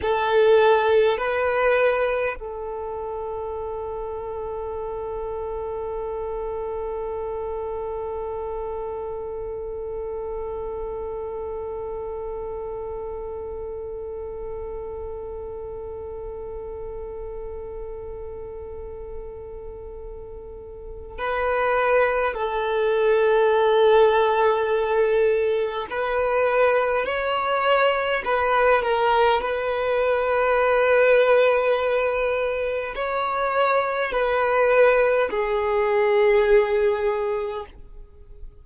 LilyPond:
\new Staff \with { instrumentName = "violin" } { \time 4/4 \tempo 4 = 51 a'4 b'4 a'2~ | a'1~ | a'1~ | a'1~ |
a'2 b'4 a'4~ | a'2 b'4 cis''4 | b'8 ais'8 b'2. | cis''4 b'4 gis'2 | }